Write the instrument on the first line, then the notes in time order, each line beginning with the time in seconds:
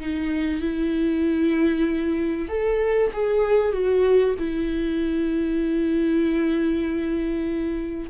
viola
0.00 D#4
0.61 E4
2.49 A4
3.13 G#4
3.72 F#4
4.39 E4